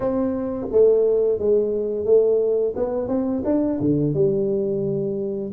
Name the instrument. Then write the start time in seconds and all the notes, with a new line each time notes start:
tuba
0.00 C4
0.71 A3
1.38 G#3
2.05 A3
2.76 B3
3.08 C4
3.45 D4
3.80 D3
4.14 G3